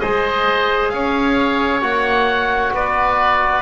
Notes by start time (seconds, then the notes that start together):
0.00 G#3 G#4 C5 D#5
0.89 C#4 C#5 F5
1.81 A#3 F#4 F#5
2.73 B3 B4 D5